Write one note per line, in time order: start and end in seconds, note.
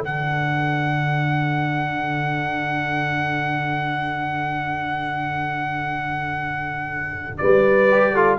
0.00 7.38 D3
0.00 7.90 D4
0.00 7.39 A4
0.00 7.37 F#5
7.37 8.38 G3
7.37 8.13 B4
7.37 8.35 D5
7.91 8.15 G4
8.13 8.38 F4
8.13 8.38 A4